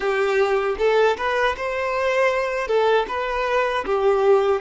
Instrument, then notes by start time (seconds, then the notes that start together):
violin
0.00 G4
0.78 A4
1.17 B4
1.56 C5
2.67 A4
3.08 B4
3.85 G4